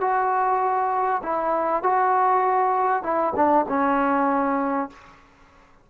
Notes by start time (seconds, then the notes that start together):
0.00 F#4
1.23 E4
1.83 F#4
3.03 E4
3.35 D4
3.68 C#4